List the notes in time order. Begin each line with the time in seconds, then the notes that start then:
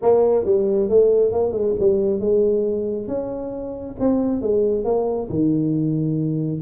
0.01 A#3
0.45 G3
0.89 A3
1.32 A#3
1.52 G#3
1.79 G3
2.20 G#3
3.07 C#4
3.99 C4
4.41 G#3
4.84 A#3
5.29 D#3